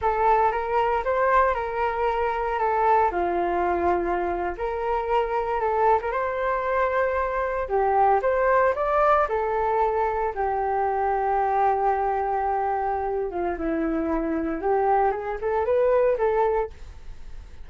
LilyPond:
\new Staff \with { instrumentName = "flute" } { \time 4/4 \tempo 4 = 115 a'4 ais'4 c''4 ais'4~ | ais'4 a'4 f'2~ | f'8. ais'2 a'8. ais'16 c''16~ | c''2~ c''8. g'4 c''16~ |
c''8. d''4 a'2 g'16~ | g'1~ | g'4. f'8 e'2 | g'4 gis'8 a'8 b'4 a'4 | }